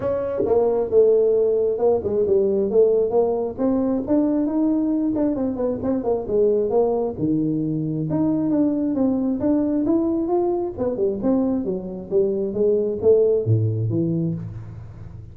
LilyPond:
\new Staff \with { instrumentName = "tuba" } { \time 4/4 \tempo 4 = 134 cis'4 ais4 a2 | ais8 gis8 g4 a4 ais4 | c'4 d'4 dis'4. d'8 | c'8 b8 c'8 ais8 gis4 ais4 |
dis2 dis'4 d'4 | c'4 d'4 e'4 f'4 | b8 g8 c'4 fis4 g4 | gis4 a4 a,4 e4 | }